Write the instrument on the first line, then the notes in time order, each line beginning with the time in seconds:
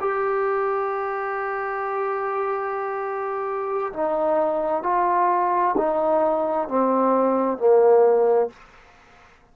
trombone
0.00 G4
3.93 D#4
4.83 F4
5.77 D#4
6.68 C4
7.57 A#3